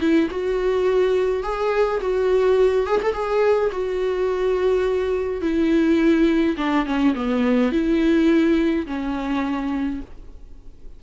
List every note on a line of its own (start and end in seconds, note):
0.00 0.29 E4
0.30 1.43 F#4
1.43 2.00 G#4
2.01 2.86 F#4
2.86 3.01 G#4
3.03 3.13 A4
3.13 3.70 G#4
3.71 5.41 F#4
5.41 6.56 E4
6.57 6.86 D4
6.86 7.14 C#4
7.15 7.72 B3
7.72 8.86 E4
8.86 10.01 C#4